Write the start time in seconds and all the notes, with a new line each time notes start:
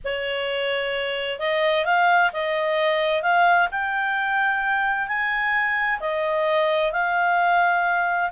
0.04 C#5
1.39 D#5
1.85 F5
2.32 D#5
3.22 F5
3.71 G5
5.07 G#5
6.00 D#5
6.91 F5